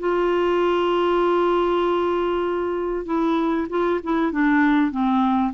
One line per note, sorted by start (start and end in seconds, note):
0.00 3.06 F4
3.06 3.68 E4
3.70 4.01 F4
4.04 4.32 E4
4.32 4.92 D4
4.92 5.54 C4